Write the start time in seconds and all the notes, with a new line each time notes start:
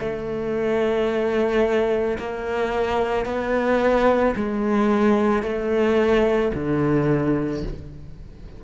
0.00 A3
2.19 A#3
3.26 B3
4.36 G#3
5.43 A3
6.55 D3